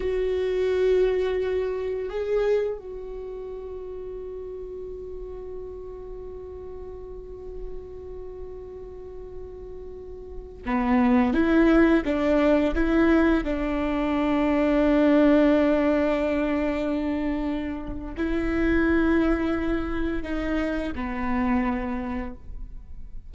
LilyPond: \new Staff \with { instrumentName = "viola" } { \time 4/4 \tempo 4 = 86 fis'2. gis'4 | fis'1~ | fis'1~ | fis'2.~ fis'16 b8.~ |
b16 e'4 d'4 e'4 d'8.~ | d'1~ | d'2 e'2~ | e'4 dis'4 b2 | }